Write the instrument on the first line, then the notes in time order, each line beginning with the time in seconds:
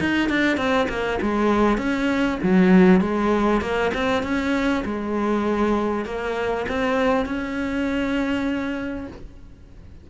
cello
0.00 D#4
0.29 D4
0.57 C4
0.89 A#3
1.21 G#3
1.77 C#4
2.43 F#3
3.01 G#3
3.61 A#3
3.94 C4
4.23 C#4
4.85 G#3
6.05 A#3
6.68 C4
7.26 C#4